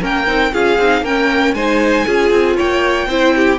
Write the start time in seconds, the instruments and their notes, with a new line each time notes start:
0.00 cello A#3, viola C#4, violin A#4 G5
0.26 cello C4, viola D#4
0.52 cello C#4, viola F4, violin G#4 F5
0.78 cello C4, viola D#4
1.01 cello A#3, viola C#4, violin A#4 G5
1.53 cello G#3, viola D#4, violin C5 G#5
2.05 cello C#4, viola F4, violin G#4
2.30 cello C4
2.56 cello A#3, violin C#5 G5
3.07 cello C4, viola E4, violin C5
3.35 violin G4